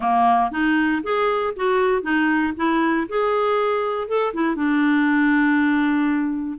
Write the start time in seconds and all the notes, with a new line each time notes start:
0.00 A#3
0.51 D#4
1.03 G#4
1.56 F#4
2.02 D#4
2.56 E4
3.08 G#4
4.07 A4
4.33 E4
4.55 D4